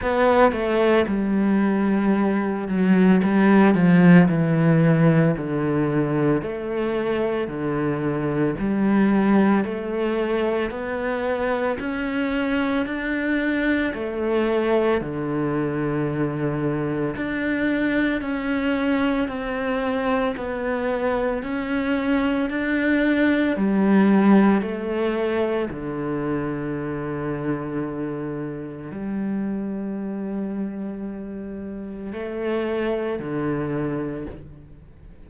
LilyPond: \new Staff \with { instrumentName = "cello" } { \time 4/4 \tempo 4 = 56 b8 a8 g4. fis8 g8 f8 | e4 d4 a4 d4 | g4 a4 b4 cis'4 | d'4 a4 d2 |
d'4 cis'4 c'4 b4 | cis'4 d'4 g4 a4 | d2. g4~ | g2 a4 d4 | }